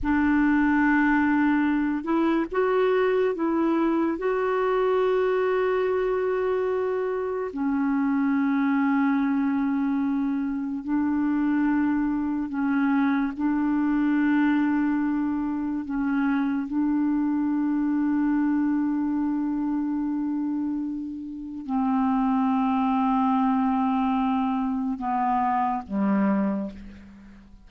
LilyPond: \new Staff \with { instrumentName = "clarinet" } { \time 4/4 \tempo 4 = 72 d'2~ d'8 e'8 fis'4 | e'4 fis'2.~ | fis'4 cis'2.~ | cis'4 d'2 cis'4 |
d'2. cis'4 | d'1~ | d'2 c'2~ | c'2 b4 g4 | }